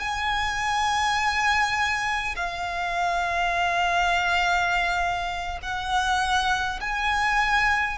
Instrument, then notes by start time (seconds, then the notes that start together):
violin
0.00 G#5
2.36 F5
5.63 F#5
6.81 G#5